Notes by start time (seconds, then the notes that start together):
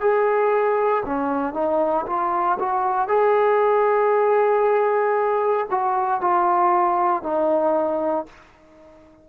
0.00 G#4
1.05 C#4
1.54 D#4
2.06 F4
2.59 F#4
3.08 G#4
5.70 F#4
6.21 F4
7.23 D#4